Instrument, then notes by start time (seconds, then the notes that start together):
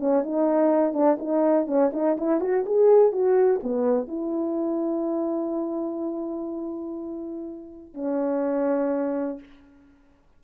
horn
0.00 C#4
0.23 D#4
0.94 D4
1.19 D#4
1.67 C#4
1.94 D#4
2.18 E4
2.41 F#4
2.66 G#4
3.13 F#4
3.64 B3
4.08 E4
7.95 C#4